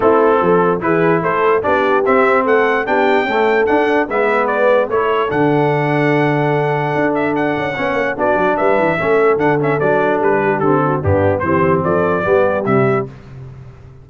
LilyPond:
<<
  \new Staff \with { instrumentName = "trumpet" } { \time 4/4 \tempo 4 = 147 a'2 b'4 c''4 | d''4 e''4 fis''4 g''4~ | g''4 fis''4 e''4 d''4 | cis''4 fis''2.~ |
fis''4. e''8 fis''2 | d''4 e''2 fis''8 e''8 | d''4 b'4 a'4 g'4 | c''4 d''2 e''4 | }
  \new Staff \with { instrumentName = "horn" } { \time 4/4 e'4 a'4 gis'4 a'4 | g'2 a'4 g'4 | a'2 b'2 | a'1~ |
a'2. cis''4 | fis'4 b'4 a'2~ | a'4. g'4 fis'8 d'4 | g'4 a'4 g'2 | }
  \new Staff \with { instrumentName = "trombone" } { \time 4/4 c'2 e'2 | d'4 c'2 d'4 | a4 d'4 b2 | e'4 d'2.~ |
d'2. cis'4 | d'2 cis'4 d'8 cis'8 | d'2 c'4 b4 | c'2 b4 g4 | }
  \new Staff \with { instrumentName = "tuba" } { \time 4/4 a4 f4 e4 a4 | b4 c'4 a4 b4 | cis'4 d'4 gis2 | a4 d2.~ |
d4 d'4. cis'8 b8 ais8 | b8 fis8 g8 e8 a4 d4 | fis4 g4 d4 g,4 | e4 f4 g4 c4 | }
>>